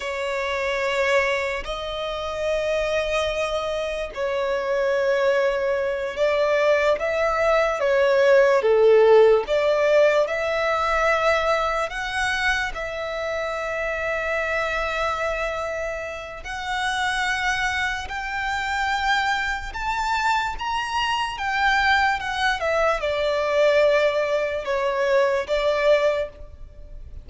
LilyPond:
\new Staff \with { instrumentName = "violin" } { \time 4/4 \tempo 4 = 73 cis''2 dis''2~ | dis''4 cis''2~ cis''8 d''8~ | d''8 e''4 cis''4 a'4 d''8~ | d''8 e''2 fis''4 e''8~ |
e''1 | fis''2 g''2 | a''4 ais''4 g''4 fis''8 e''8 | d''2 cis''4 d''4 | }